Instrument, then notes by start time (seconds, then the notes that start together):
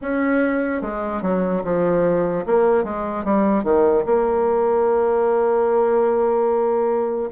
bassoon
0.01 C#4
0.81 G#3
1.22 F#3
1.64 F3
2.45 A#3
2.84 G#3
3.24 G3
3.63 D#3
4.05 A#3